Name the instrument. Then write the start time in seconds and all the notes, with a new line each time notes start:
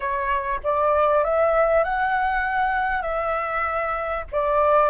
flute
0.00 C#5
0.63 D5
1.24 E5
1.83 F#5
3.02 E5
4.32 D5